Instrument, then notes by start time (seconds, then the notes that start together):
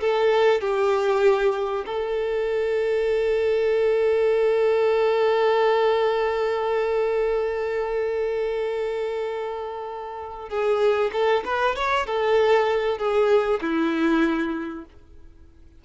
violin
0.00 A4
0.61 G4
1.86 A4
10.49 G#4
11.12 A4
11.44 B4
11.75 C#5
12.06 A4
12.98 G#4
13.61 E4